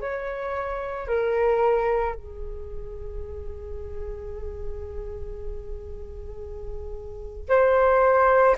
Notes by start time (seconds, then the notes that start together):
0.00 C#5
1.07 A#4
2.14 G#4
7.49 C5